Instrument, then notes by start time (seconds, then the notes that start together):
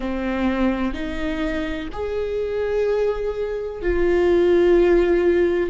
viola
0.00 C4
0.93 D#4
1.92 G#4
3.82 F4